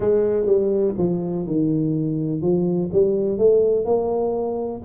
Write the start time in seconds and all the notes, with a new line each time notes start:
0.00 G#3
0.46 G3
0.98 F3
1.46 D#3
2.41 F3
2.92 G3
3.38 A3
3.85 A#3